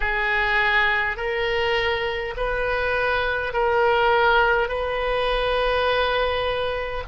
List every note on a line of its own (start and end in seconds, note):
0.00 1.17 G#4
1.17 2.34 A#4
2.36 3.53 B4
3.53 4.68 A#4
4.68 7.03 B4